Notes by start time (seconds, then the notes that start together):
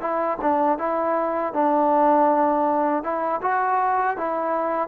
0.00 E4
0.41 D4
0.78 E4
1.53 D4
3.03 E4
3.42 F#4
4.17 E4